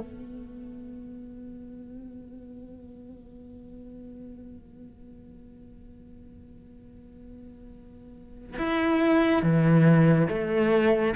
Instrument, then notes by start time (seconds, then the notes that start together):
cello
0.00 B3
8.58 E4
9.42 E3
10.29 A3